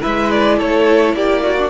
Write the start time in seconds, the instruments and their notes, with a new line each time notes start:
0.00 cello G#3, viola E4, violin B4 E5
0.31 violin D5
0.58 cello A3, violin A4 C#5
1.13 cello A#3, violin G4 D5
1.43 violin F#4
1.58 viola D4